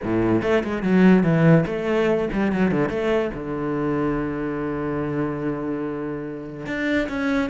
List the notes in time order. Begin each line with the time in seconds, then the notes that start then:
0.03 A2
0.42 A3
0.63 G#3
0.82 F#3
1.23 E3
1.66 A3
2.32 G3
2.52 F#3
2.71 D3
2.89 A3
3.34 D3
6.66 D4
7.09 C#4